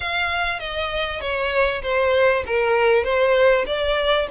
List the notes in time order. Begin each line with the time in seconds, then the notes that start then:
0.00 F5
0.59 D#5
1.21 C#5
1.82 C5
2.46 A#4
3.03 C5
3.66 D5